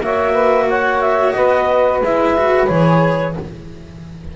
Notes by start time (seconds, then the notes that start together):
0.00 A#3 F#4 C#5 E5
0.32 B4
0.68 C#5 F#5
1.01 E5
1.32 B3 B4 D#5
2.01 G#3 E4 E5
2.37 F#4
2.67 E3 G#4 C#5